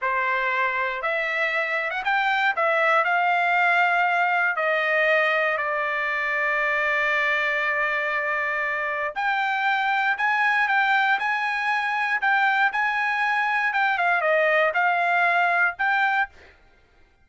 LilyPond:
\new Staff \with { instrumentName = "trumpet" } { \time 4/4 \tempo 4 = 118 c''2 e''4.~ e''16 fis''16 | g''4 e''4 f''2~ | f''4 dis''2 d''4~ | d''1~ |
d''2 g''2 | gis''4 g''4 gis''2 | g''4 gis''2 g''8 f''8 | dis''4 f''2 g''4 | }